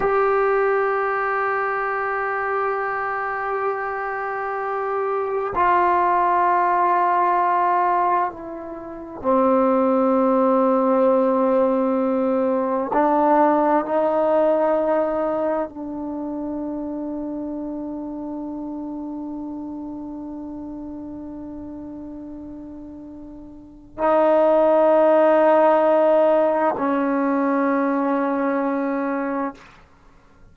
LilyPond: \new Staff \with { instrumentName = "trombone" } { \time 4/4 \tempo 4 = 65 g'1~ | g'2 f'2~ | f'4 e'4 c'2~ | c'2 d'4 dis'4~ |
dis'4 d'2.~ | d'1~ | d'2 dis'2~ | dis'4 cis'2. | }